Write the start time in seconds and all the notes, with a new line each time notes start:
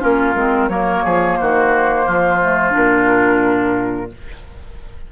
0.00 A#3 C#4 F4 A#4
0.35 G#3 C4
0.69 F#3 A#3 A#4 C#5
1.05 F3 G#4
1.37 D#3 F#4 C5
2.06 F3 F4
2.42 A3
2.71 A#2 D4 A#4